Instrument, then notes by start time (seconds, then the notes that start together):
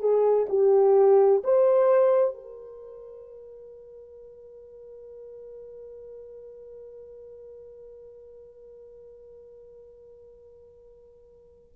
horn
0.00 G#4
0.49 G4
1.44 C5
2.34 A#4